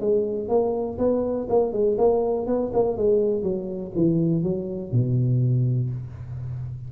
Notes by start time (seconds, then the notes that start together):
0.00 G#3
0.48 A#3
0.98 B3
1.49 A#3
1.72 G#3
1.98 A#3
2.46 B3
2.73 A#3
2.97 G#3
3.42 F#3
3.95 E3
4.43 F#3
4.91 B2